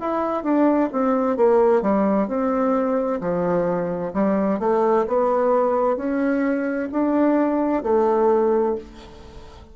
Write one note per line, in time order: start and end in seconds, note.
0.00 0.43 E4
0.43 0.89 D4
0.92 1.37 C4
1.37 1.82 A#3
1.82 2.28 G3
2.28 3.20 C4
3.21 4.13 F3
4.13 4.59 G3
4.59 5.06 A3
5.07 5.97 B3
5.97 6.89 C#4
6.92 7.83 D4
7.83 8.75 A3